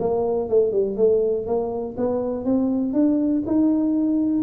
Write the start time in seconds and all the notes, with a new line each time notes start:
0.00 A#3
0.50 A3
0.73 G3
0.97 A3
1.47 A#3
1.98 B3
2.45 C4
2.94 D4
3.47 D#4